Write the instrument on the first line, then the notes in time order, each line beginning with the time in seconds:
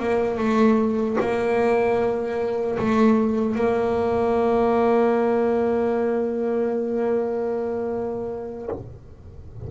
double bass
0.00 A#3
0.38 A3
1.21 A#3
2.79 A3
3.56 A#3